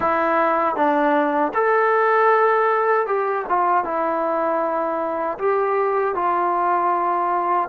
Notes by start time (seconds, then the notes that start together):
0.00 E4
0.75 D4
1.53 A4
3.06 G4
3.48 F4
3.84 E4
5.38 G4
6.15 F4